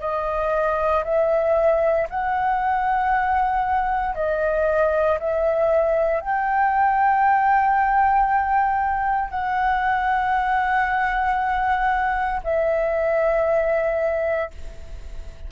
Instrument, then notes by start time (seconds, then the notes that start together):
flute
0.00 D#5
1.04 E5
2.10 F#5
4.15 D#5
5.19 E5
6.20 G5
9.30 F#5
12.44 E5